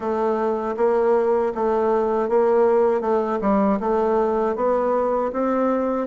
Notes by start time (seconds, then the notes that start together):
0.00 A3
0.76 A#3
1.54 A3
2.28 A#3
3.00 A3
3.41 G3
3.80 A3
4.55 B3
5.32 C4